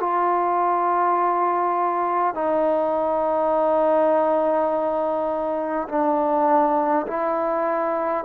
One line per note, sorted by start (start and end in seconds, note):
0.00 2.35 F4
2.35 5.88 D#4
5.89 7.06 D4
7.07 8.25 E4